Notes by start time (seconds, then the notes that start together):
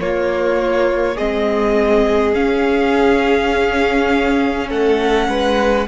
0.00 A#3 F4 C#5
1.16 G#3 C4 G#4 D#5
2.34 C#4 F5
4.69 A3 A4 F#5
5.29 G#3 B4